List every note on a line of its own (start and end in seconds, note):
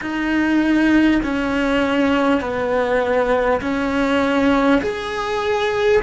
0.01 1.21 D#4
1.23 2.41 C#4
2.41 3.61 B3
3.61 4.81 C#4
4.81 6.01 G#4